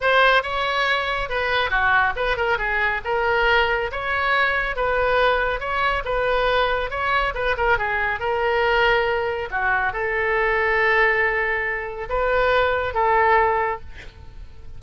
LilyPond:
\new Staff \with { instrumentName = "oboe" } { \time 4/4 \tempo 4 = 139 c''4 cis''2 b'4 | fis'4 b'8 ais'8 gis'4 ais'4~ | ais'4 cis''2 b'4~ | b'4 cis''4 b'2 |
cis''4 b'8 ais'8 gis'4 ais'4~ | ais'2 fis'4 a'4~ | a'1 | b'2 a'2 | }